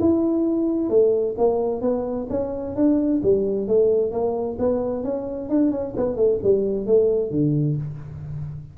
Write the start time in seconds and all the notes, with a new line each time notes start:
0.00 E4
0.89 A3
1.38 A#3
1.81 B3
2.30 C#4
2.75 D4
3.22 G3
3.67 A3
4.11 A#3
4.59 B3
5.04 C#4
5.49 D4
5.71 C#4
5.96 B3
6.16 A3
6.43 G3
6.86 A3
7.31 D3